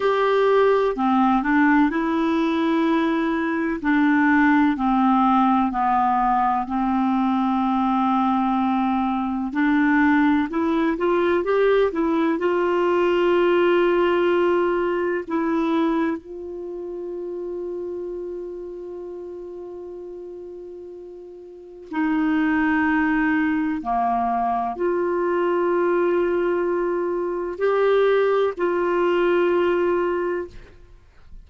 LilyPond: \new Staff \with { instrumentName = "clarinet" } { \time 4/4 \tempo 4 = 63 g'4 c'8 d'8 e'2 | d'4 c'4 b4 c'4~ | c'2 d'4 e'8 f'8 | g'8 e'8 f'2. |
e'4 f'2.~ | f'2. dis'4~ | dis'4 ais4 f'2~ | f'4 g'4 f'2 | }